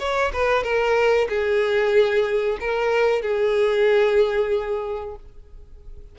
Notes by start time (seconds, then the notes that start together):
0.00 C#5
0.33 B4
0.64 A#4
1.29 G#4
2.61 A#4
3.22 G#4